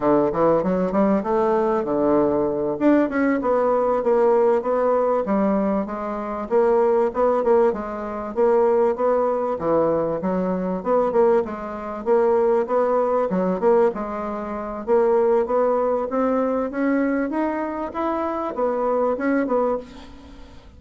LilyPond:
\new Staff \with { instrumentName = "bassoon" } { \time 4/4 \tempo 4 = 97 d8 e8 fis8 g8 a4 d4~ | d8 d'8 cis'8 b4 ais4 b8~ | b8 g4 gis4 ais4 b8 | ais8 gis4 ais4 b4 e8~ |
e8 fis4 b8 ais8 gis4 ais8~ | ais8 b4 fis8 ais8 gis4. | ais4 b4 c'4 cis'4 | dis'4 e'4 b4 cis'8 b8 | }